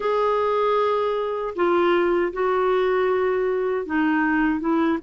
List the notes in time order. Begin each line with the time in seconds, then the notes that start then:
0.00 G#4
1.55 F4
2.33 F#4
3.86 D#4
4.59 E4